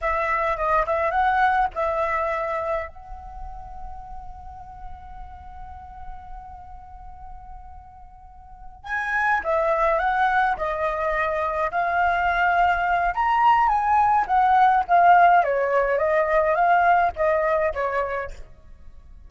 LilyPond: \new Staff \with { instrumentName = "flute" } { \time 4/4 \tempo 4 = 105 e''4 dis''8 e''8 fis''4 e''4~ | e''4 fis''2.~ | fis''1~ | fis''2.~ fis''8 gis''8~ |
gis''8 e''4 fis''4 dis''4.~ | dis''8 f''2~ f''8 ais''4 | gis''4 fis''4 f''4 cis''4 | dis''4 f''4 dis''4 cis''4 | }